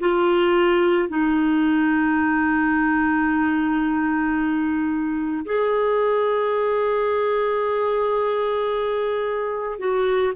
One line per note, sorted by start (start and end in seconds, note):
0.00 1.09 F4
1.09 5.45 D#4
5.45 9.79 G#4
9.79 10.33 F#4